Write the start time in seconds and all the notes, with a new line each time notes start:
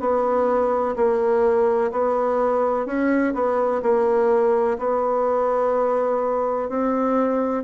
0.00 B3
0.96 A#3
1.92 B3
2.86 C#4
3.34 B3
3.83 A#3
4.79 B3
6.69 C4